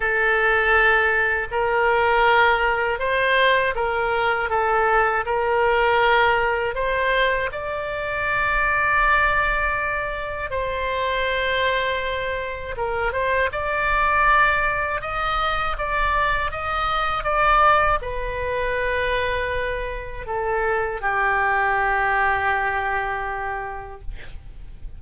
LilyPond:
\new Staff \with { instrumentName = "oboe" } { \time 4/4 \tempo 4 = 80 a'2 ais'2 | c''4 ais'4 a'4 ais'4~ | ais'4 c''4 d''2~ | d''2 c''2~ |
c''4 ais'8 c''8 d''2 | dis''4 d''4 dis''4 d''4 | b'2. a'4 | g'1 | }